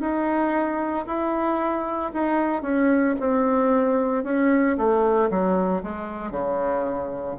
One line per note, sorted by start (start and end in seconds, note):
0.00 1.05 D#4
1.06 2.11 E4
2.13 2.62 D#4
2.62 3.15 C#4
3.20 4.23 C4
4.23 4.76 C#4
4.77 5.30 A3
5.30 5.82 F#3
5.83 6.31 G#3
6.31 7.36 C#3